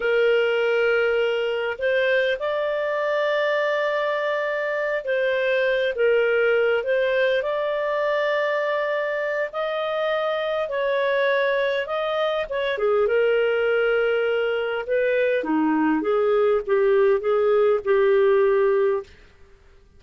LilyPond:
\new Staff \with { instrumentName = "clarinet" } { \time 4/4 \tempo 4 = 101 ais'2. c''4 | d''1~ | d''8 c''4. ais'4. c''8~ | c''8 d''2.~ d''8 |
dis''2 cis''2 | dis''4 cis''8 gis'8 ais'2~ | ais'4 b'4 dis'4 gis'4 | g'4 gis'4 g'2 | }